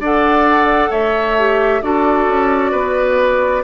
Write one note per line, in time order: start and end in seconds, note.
0.00 0.91 D4
0.00 1.39 A4
0.00 0.91 D5
0.00 0.92 F#5
0.91 1.82 A3
0.91 1.81 C#5
0.91 1.82 E5
1.39 1.82 G4
1.82 2.28 D4
1.82 3.64 F#4
1.82 2.72 A4
1.82 3.64 D5
2.28 2.73 C#4
2.72 3.64 B3
2.72 3.63 B4